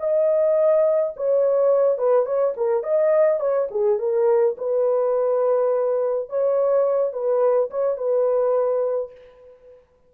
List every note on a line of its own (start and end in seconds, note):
0.00 1.14 D#5
1.17 1.98 C#5
1.98 2.26 B4
2.26 2.55 C#5
2.57 2.83 A#4
2.83 3.40 D#5
3.40 3.69 C#5
3.71 3.99 G#4
3.99 4.56 A#4
4.58 6.29 B4
6.30 7.13 C#5
7.13 7.70 B4
7.71 7.98 C#5
7.98 9.12 B4